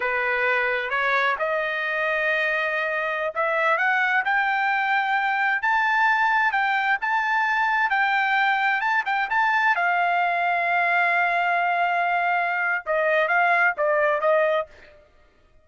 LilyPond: \new Staff \with { instrumentName = "trumpet" } { \time 4/4 \tempo 4 = 131 b'2 cis''4 dis''4~ | dis''2.~ dis''16 e''8.~ | e''16 fis''4 g''2~ g''8.~ | g''16 a''2 g''4 a''8.~ |
a''4~ a''16 g''2 a''8 g''16~ | g''16 a''4 f''2~ f''8.~ | f''1 | dis''4 f''4 d''4 dis''4 | }